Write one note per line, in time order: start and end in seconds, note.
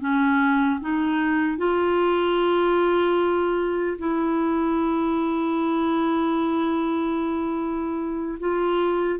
0.00 0.80 C#4
0.80 1.58 D#4
1.58 3.98 F4
3.98 8.38 E4
8.40 9.20 F4